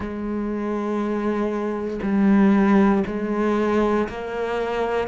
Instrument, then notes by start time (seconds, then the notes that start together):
cello
0.00 G#3
2.02 G3
3.06 G#3
4.08 A#3